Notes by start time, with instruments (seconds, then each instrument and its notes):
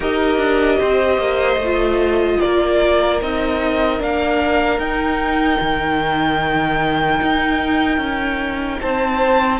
0.00 cello D#4, viola G4, violin A#4 D#5
0.37 cello D4
0.78 cello C4, violin C5
1.18 cello A#3
1.56 cello A3
1.63 viola F4
2.40 cello A#3, violin A#4 D5
3.21 cello C4, viola D#4, violin D#5
3.99 cello A#3, viola D4, violin F5
4.78 cello D#4, viola D#4, violin G5
5.60 cello D#3
7.21 cello D#4
7.97 cello C#4
8.81 cello C4, violin C5 A5